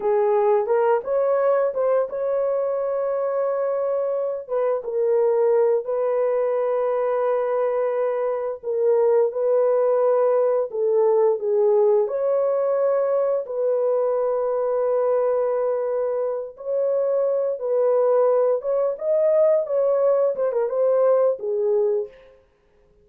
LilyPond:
\new Staff \with { instrumentName = "horn" } { \time 4/4 \tempo 4 = 87 gis'4 ais'8 cis''4 c''8 cis''4~ | cis''2~ cis''8 b'8 ais'4~ | ais'8 b'2.~ b'8~ | b'8 ais'4 b'2 a'8~ |
a'8 gis'4 cis''2 b'8~ | b'1 | cis''4. b'4. cis''8 dis''8~ | dis''8 cis''4 c''16 ais'16 c''4 gis'4 | }